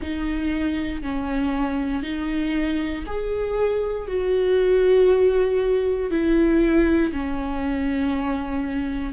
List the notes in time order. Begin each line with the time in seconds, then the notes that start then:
0.01 D#4
1.02 C#4
2.02 D#4
3.06 G#4
4.07 F#4
6.11 E4
7.12 C#4